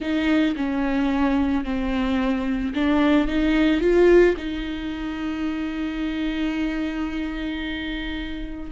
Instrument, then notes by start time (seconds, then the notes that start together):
viola
0.00 D#4
0.56 C#4
1.64 C4
2.74 D4
3.27 D#4
3.81 F4
4.37 D#4